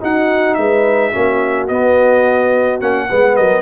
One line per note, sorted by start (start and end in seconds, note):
0.00 1.12 D#4
0.00 0.57 D#4
0.00 0.58 F#4
0.00 0.54 F#5
0.54 1.13 G#3
0.54 1.11 B4
0.54 1.66 E5
1.11 1.70 A#3
1.11 1.68 C#4
1.11 3.07 F#4
1.68 2.80 B3
1.68 2.81 B3
1.68 2.80 D#5
2.80 3.09 A#3
2.80 3.08 C#4
2.80 3.36 F#5
3.08 3.39 G#3
3.08 3.61 B3
3.08 3.36 B4
3.36 3.61 F#3
3.36 3.61 A#4
3.36 3.61 D#5